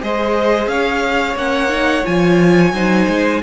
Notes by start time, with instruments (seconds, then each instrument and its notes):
0.00 cello G#3, viola G#4, violin C5 D#5
0.67 cello C#4, violin C#5 F5
1.36 cello A#3, viola C#4, violin F#5
1.70 viola D#4
2.05 cello F3, viola F4, violin G#5
2.73 cello F#3, viola D#4, violin C5
3.08 cello G#3